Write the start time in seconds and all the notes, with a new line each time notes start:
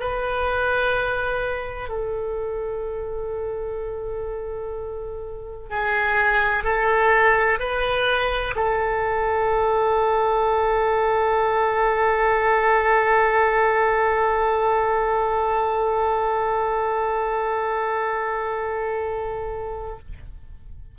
0.00 B4
1.88 A4
5.69 G#4
6.64 A4
7.59 B4
8.55 A4